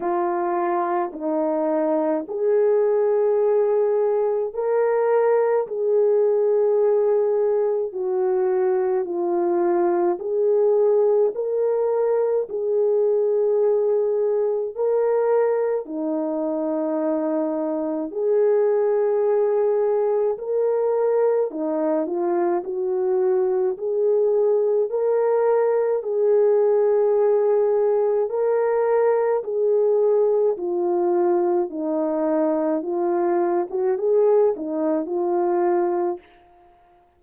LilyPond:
\new Staff \with { instrumentName = "horn" } { \time 4/4 \tempo 4 = 53 f'4 dis'4 gis'2 | ais'4 gis'2 fis'4 | f'4 gis'4 ais'4 gis'4~ | gis'4 ais'4 dis'2 |
gis'2 ais'4 dis'8 f'8 | fis'4 gis'4 ais'4 gis'4~ | gis'4 ais'4 gis'4 f'4 | dis'4 f'8. fis'16 gis'8 dis'8 f'4 | }